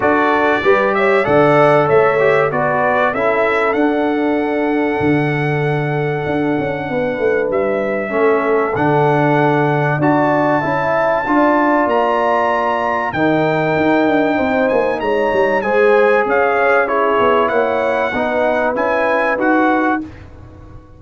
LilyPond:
<<
  \new Staff \with { instrumentName = "trumpet" } { \time 4/4 \tempo 4 = 96 d''4. e''8 fis''4 e''4 | d''4 e''4 fis''2~ | fis''1 | e''2 fis''2 |
a''2. ais''4~ | ais''4 g''2~ g''8 gis''8 | ais''4 gis''4 f''4 cis''4 | fis''2 gis''4 fis''4 | }
  \new Staff \with { instrumentName = "horn" } { \time 4/4 a'4 b'8 cis''8 d''4 cis''4 | b'4 a'2.~ | a'2. b'4~ | b'4 a'2. |
d''4 e''4 d''2~ | d''4 ais'2 c''4 | cis''4 c''4 cis''4 gis'4 | cis''4 b'2. | }
  \new Staff \with { instrumentName = "trombone" } { \time 4/4 fis'4 g'4 a'4. g'8 | fis'4 e'4 d'2~ | d'1~ | d'4 cis'4 d'2 |
fis'4 e'4 f'2~ | f'4 dis'2.~ | dis'4 gis'2 e'4~ | e'4 dis'4 e'4 fis'4 | }
  \new Staff \with { instrumentName = "tuba" } { \time 4/4 d'4 g4 d4 a4 | b4 cis'4 d'2 | d2 d'8 cis'8 b8 a8 | g4 a4 d2 |
d'4 cis'4 d'4 ais4~ | ais4 dis4 dis'8 d'8 c'8 ais8 | gis8 g8 gis4 cis'4. b8 | ais4 b4 cis'4 dis'4 | }
>>